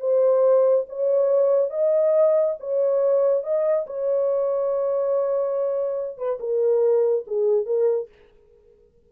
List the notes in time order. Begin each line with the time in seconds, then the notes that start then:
0.00 C5
0.89 C#5
1.70 D#5
2.60 C#5
3.44 D#5
3.87 C#5
6.18 B4
6.40 A#4
7.27 G#4
7.66 A#4